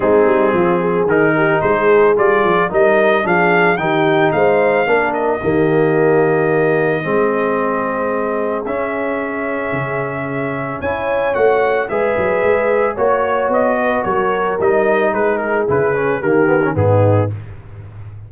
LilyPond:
<<
  \new Staff \with { instrumentName = "trumpet" } { \time 4/4 \tempo 4 = 111 gis'2 ais'4 c''4 | d''4 dis''4 f''4 g''4 | f''4. dis''2~ dis''8~ | dis''1 |
e''1 | gis''4 fis''4 e''2 | cis''4 dis''4 cis''4 dis''4 | b'8 ais'8 b'4 ais'4 gis'4 | }
  \new Staff \with { instrumentName = "horn" } { \time 4/4 dis'4 f'8 gis'4 g'8 gis'4~ | gis'4 ais'4 gis'4 g'4 | c''4 ais'4 g'2~ | g'4 gis'2.~ |
gis'1 | cis''2 b'2 | cis''4. b'8 ais'2 | gis'2 g'4 dis'4 | }
  \new Staff \with { instrumentName = "trombone" } { \time 4/4 c'2 dis'2 | f'4 dis'4 d'4 dis'4~ | dis'4 d'4 ais2~ | ais4 c'2. |
cis'1 | e'4 fis'4 gis'2 | fis'2. dis'4~ | dis'4 e'8 cis'8 ais8 b16 cis'16 b4 | }
  \new Staff \with { instrumentName = "tuba" } { \time 4/4 gis8 g8 f4 dis4 gis4 | g8 f8 g4 f4 dis4 | gis4 ais4 dis2~ | dis4 gis2. |
cis'2 cis2 | cis'4 a4 gis8 fis8 gis4 | ais4 b4 fis4 g4 | gis4 cis4 dis4 gis,4 | }
>>